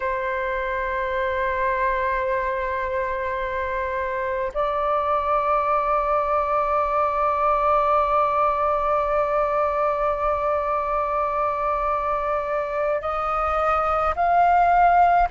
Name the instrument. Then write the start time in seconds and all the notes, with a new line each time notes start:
flute
0.00 C5
4.53 D5
13.01 D#5
14.15 F5